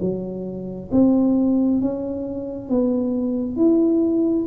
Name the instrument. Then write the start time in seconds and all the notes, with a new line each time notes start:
tuba
0.00 F#3
0.91 C4
1.80 C#4
2.69 B3
3.56 E4